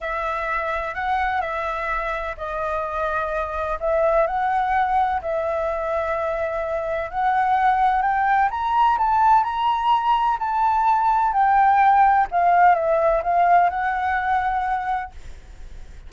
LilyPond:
\new Staff \with { instrumentName = "flute" } { \time 4/4 \tempo 4 = 127 e''2 fis''4 e''4~ | e''4 dis''2. | e''4 fis''2 e''4~ | e''2. fis''4~ |
fis''4 g''4 ais''4 a''4 | ais''2 a''2 | g''2 f''4 e''4 | f''4 fis''2. | }